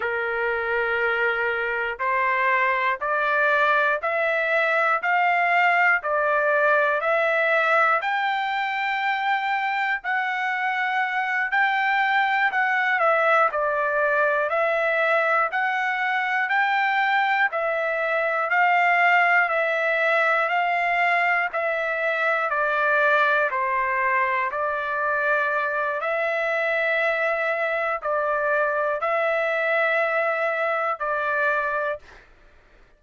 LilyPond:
\new Staff \with { instrumentName = "trumpet" } { \time 4/4 \tempo 4 = 60 ais'2 c''4 d''4 | e''4 f''4 d''4 e''4 | g''2 fis''4. g''8~ | g''8 fis''8 e''8 d''4 e''4 fis''8~ |
fis''8 g''4 e''4 f''4 e''8~ | e''8 f''4 e''4 d''4 c''8~ | c''8 d''4. e''2 | d''4 e''2 d''4 | }